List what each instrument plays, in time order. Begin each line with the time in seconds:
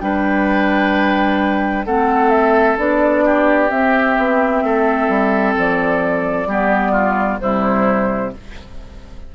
0.00 bassoon G3, clarinet D4, oboe B4, flute G5
1.85 bassoon A3, clarinet C4, oboe A4, flute F#5
2.30 flute E5
2.78 bassoon B3, clarinet D4, flute D5
3.25 oboe G4
3.69 clarinet C4, bassoon C4, flute E5
4.17 bassoon B3
4.63 bassoon A3, oboe A4
5.09 bassoon G3
5.57 bassoon F3, flute D5
6.46 bassoon G3, clarinet B3, oboe G4
6.92 oboe F4
7.39 bassoon C3, clarinet G3, oboe E4, flute C5